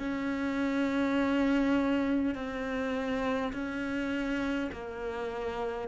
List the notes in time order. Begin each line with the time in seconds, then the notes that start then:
0.00 C#4
2.35 C4
3.53 C#4
4.72 A#3